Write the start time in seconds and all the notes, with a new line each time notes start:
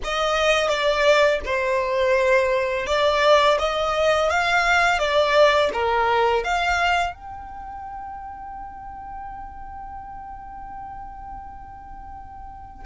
0.04 D#5
0.68 D5
1.44 C5
2.86 D5
3.58 D#5
4.30 F5
4.98 D5
5.73 A#4
6.44 F5
7.14 G5